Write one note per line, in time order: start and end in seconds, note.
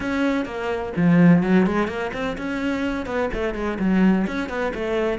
0.00 0.45 C#4
0.45 0.92 A#3
0.96 1.42 F3
1.42 1.66 F#3
1.66 1.87 G#3
1.87 2.11 A#3
2.13 2.36 C4
2.37 3.05 C#4
3.05 3.29 B3
3.33 3.54 A3
3.54 3.78 G#3
3.79 4.26 F#3
4.27 4.49 C#4
4.49 4.72 B3
4.74 5.18 A3